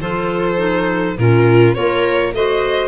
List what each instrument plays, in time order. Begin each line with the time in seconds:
0.00 tuba F3, clarinet F4, viola A4, violin C5
0.57 clarinet D#4
1.18 tuba A#2, clarinet C#4, viola F4, violin A#4
1.75 tuba A#3, clarinet F4, viola A#4, violin C#5
2.33 tuba A3, clarinet F#4, viola C5, violin D#5